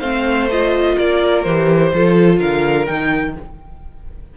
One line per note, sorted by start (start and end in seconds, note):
0.00 0.96 A3
0.00 0.49 C4
0.00 0.95 C5
0.00 0.48 F5
0.51 1.46 F4
0.51 0.98 D#5
0.96 1.45 A#3
0.96 1.91 A#4
0.96 1.43 D5
1.43 1.93 E3
1.43 1.94 G4
1.43 2.38 C5
1.93 2.40 F3
1.93 2.87 F4
1.93 2.39 A4
2.39 2.87 D3
2.39 3.35 A#4
2.39 2.86 F5
2.86 3.37 D#3
2.86 3.35 D#4
2.86 3.34 G5